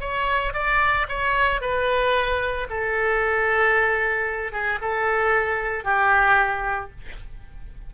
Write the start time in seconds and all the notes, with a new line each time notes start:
0.00 C#5
0.53 D5
1.08 C#5
1.61 B4
2.70 A4
4.52 G#4
4.81 A4
5.84 G4